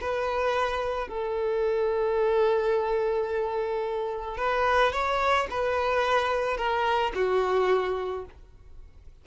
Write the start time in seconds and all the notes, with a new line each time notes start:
0.00 B4
1.08 A4
4.37 B4
4.92 C#5
5.50 B4
6.57 A#4
7.15 F#4